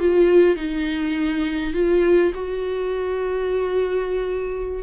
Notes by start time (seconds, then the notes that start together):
0.00 F4
0.56 D#4
1.74 F4
2.35 F#4